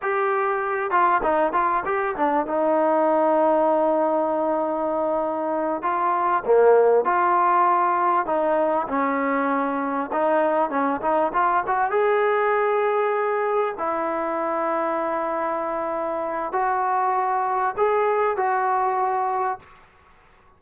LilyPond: \new Staff \with { instrumentName = "trombone" } { \time 4/4 \tempo 4 = 98 g'4. f'8 dis'8 f'8 g'8 d'8 | dis'1~ | dis'4. f'4 ais4 f'8~ | f'4. dis'4 cis'4.~ |
cis'8 dis'4 cis'8 dis'8 f'8 fis'8 gis'8~ | gis'2~ gis'8 e'4.~ | e'2. fis'4~ | fis'4 gis'4 fis'2 | }